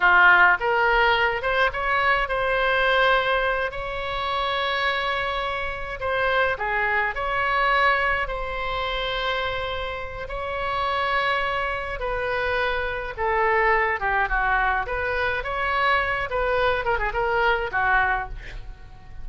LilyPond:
\new Staff \with { instrumentName = "oboe" } { \time 4/4 \tempo 4 = 105 f'4 ais'4. c''8 cis''4 | c''2~ c''8 cis''4.~ | cis''2~ cis''8 c''4 gis'8~ | gis'8 cis''2 c''4.~ |
c''2 cis''2~ | cis''4 b'2 a'4~ | a'8 g'8 fis'4 b'4 cis''4~ | cis''8 b'4 ais'16 gis'16 ais'4 fis'4 | }